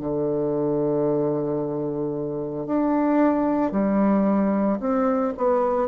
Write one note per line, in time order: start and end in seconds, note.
0.00 2.67 D3
2.67 3.72 D4
3.72 4.79 G3
4.81 5.34 C4
5.38 5.89 B3